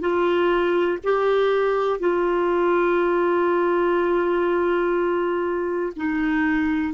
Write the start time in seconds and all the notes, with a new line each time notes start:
0.00 F4
1.04 G4
1.99 F4
5.96 D#4